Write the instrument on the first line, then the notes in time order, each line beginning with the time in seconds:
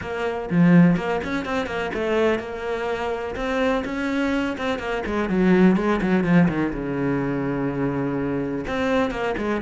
cello
0.01 A#3
0.50 F3
0.96 A#3
1.23 C#4
1.45 C4
1.66 A#3
1.93 A3
2.39 A#3
3.35 C4
3.84 C#4
4.57 C4
4.78 A#3
5.06 G#3
5.29 F#3
5.76 G#3
6.01 F#3
6.24 F3
6.48 D#3
6.73 C#3
8.67 C4
9.10 A#3
9.37 G#3